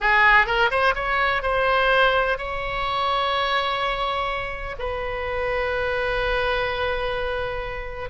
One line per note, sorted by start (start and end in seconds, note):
0.00 0.46 G#4
0.46 0.70 A#4
0.70 0.94 C5
0.94 1.42 C#5
1.42 2.37 C5
2.37 4.76 C#5
4.78 8.09 B4